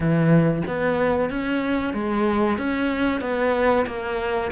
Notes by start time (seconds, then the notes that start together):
0.00 E3
0.67 B3
1.29 C#4
1.93 G#3
2.58 C#4
3.21 B3
3.86 A#3